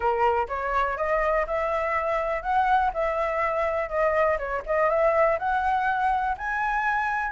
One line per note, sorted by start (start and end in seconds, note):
0.00 0.47 A#4
0.48 0.97 C#5
0.97 1.46 D#5
1.46 2.42 E5
2.42 2.91 F#5
2.93 3.89 E5
3.89 4.37 D#5
4.38 4.62 C#5
4.66 4.89 D#5
4.89 5.38 E5
5.39 6.36 F#5
6.37 7.31 G#5